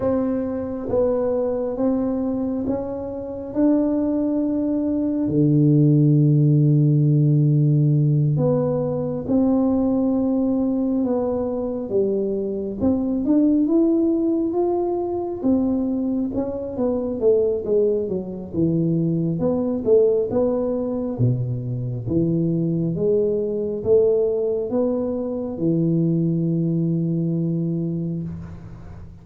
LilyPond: \new Staff \with { instrumentName = "tuba" } { \time 4/4 \tempo 4 = 68 c'4 b4 c'4 cis'4 | d'2 d2~ | d4. b4 c'4.~ | c'8 b4 g4 c'8 d'8 e'8~ |
e'8 f'4 c'4 cis'8 b8 a8 | gis8 fis8 e4 b8 a8 b4 | b,4 e4 gis4 a4 | b4 e2. | }